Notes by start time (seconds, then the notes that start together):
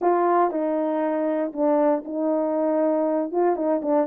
0.01 F4
0.50 D#4
1.53 D4
2.04 D#4
3.31 F4
3.55 D#4
3.82 D4